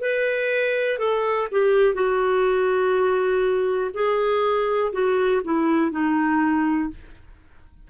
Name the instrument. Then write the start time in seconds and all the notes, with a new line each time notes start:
clarinet
0.00 B4
0.98 A4
1.51 G4
1.94 F#4
3.93 G#4
4.92 F#4
5.44 E4
5.91 D#4